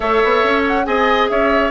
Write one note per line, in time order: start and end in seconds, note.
0.00 0.22 A3
0.00 0.84 A4
0.00 0.86 C#5
0.00 0.62 E5
0.24 0.43 B3
0.43 0.86 C#4
0.67 0.85 F#5
0.84 1.30 C4
0.84 1.70 G#4
0.84 1.30 D#5
0.84 1.29 G#5
1.29 1.70 C#4
1.29 1.70 C#5
1.29 1.70 E5